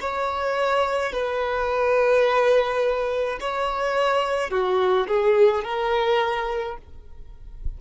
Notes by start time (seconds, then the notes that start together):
0.00 C#5
1.12 B4
3.40 C#5
4.50 F#4
5.07 G#4
5.63 A#4